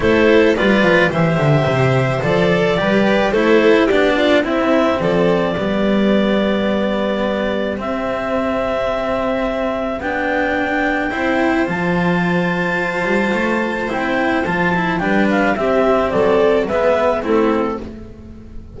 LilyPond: <<
  \new Staff \with { instrumentName = "clarinet" } { \time 4/4 \tempo 4 = 108 c''4 d''4 e''2 | d''2 c''4 d''4 | e''4 d''2.~ | d''2 e''2~ |
e''2 g''2~ | g''4 a''2.~ | a''4 g''4 a''4 g''8 f''8 | e''4 d''4 e''4 a'4 | }
  \new Staff \with { instrumentName = "violin" } { \time 4/4 a'4 b'4 c''2~ | c''4 b'4 a'4 g'8 f'8 | e'4 a'4 g'2~ | g'1~ |
g'1 | c''1~ | c''2. b'4 | g'4 a'4 b'4 e'4 | }
  \new Staff \with { instrumentName = "cello" } { \time 4/4 e'4 f'4 g'2 | a'4 g'4 e'4 d'4 | c'2 b2~ | b2 c'2~ |
c'2 d'2 | e'4 f'2.~ | f'4 e'4 f'8 e'8 d'4 | c'2 b4 c'4 | }
  \new Staff \with { instrumentName = "double bass" } { \time 4/4 a4 g8 f8 e8 d8 c4 | f4 g4 a4 b4 | c'4 f4 g2~ | g2 c'2~ |
c'2 b2 | c'4 f2~ f8 g8 | a4 c'4 f4 g4 | c'4 fis4 gis4 a4 | }
>>